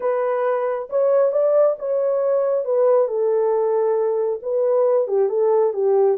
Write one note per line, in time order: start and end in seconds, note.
0.00 0.88 B4
0.89 1.31 C#5
1.31 1.75 D5
1.78 2.64 C#5
2.64 3.07 B4
3.07 4.40 A4
4.42 5.07 B4
5.07 5.29 G4
5.29 5.73 A4
5.73 6.17 G4